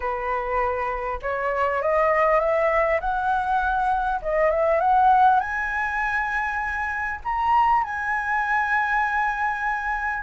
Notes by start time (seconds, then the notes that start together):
0.00 B4
1.22 C#5
1.81 D#5
2.40 E5
3.00 F#5
4.21 D#5
4.50 E5
4.80 F#5
5.40 G#5
7.24 A#5
7.83 G#5